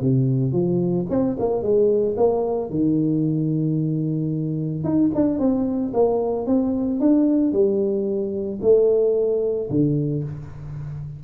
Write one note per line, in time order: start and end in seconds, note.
0.00 0.52 C3
0.52 1.06 F3
1.09 1.36 C4
1.39 1.62 A#3
1.62 2.16 G#3
2.16 2.70 A#3
2.70 4.84 D#3
4.84 5.11 D#4
5.14 5.39 D4
5.39 5.92 C4
5.93 6.46 A#3
6.46 7.00 C4
7.00 7.52 D4
7.52 8.59 G3
8.61 9.68 A3
9.70 10.23 D3